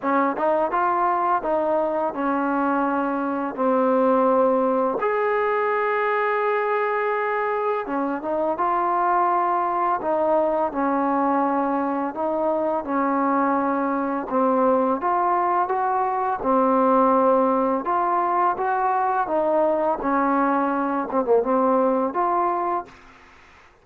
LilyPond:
\new Staff \with { instrumentName = "trombone" } { \time 4/4 \tempo 4 = 84 cis'8 dis'8 f'4 dis'4 cis'4~ | cis'4 c'2 gis'4~ | gis'2. cis'8 dis'8 | f'2 dis'4 cis'4~ |
cis'4 dis'4 cis'2 | c'4 f'4 fis'4 c'4~ | c'4 f'4 fis'4 dis'4 | cis'4. c'16 ais16 c'4 f'4 | }